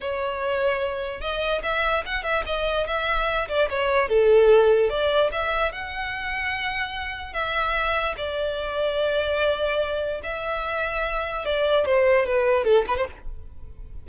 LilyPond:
\new Staff \with { instrumentName = "violin" } { \time 4/4 \tempo 4 = 147 cis''2. dis''4 | e''4 fis''8 e''8 dis''4 e''4~ | e''8 d''8 cis''4 a'2 | d''4 e''4 fis''2~ |
fis''2 e''2 | d''1~ | d''4 e''2. | d''4 c''4 b'4 a'8 b'16 c''16 | }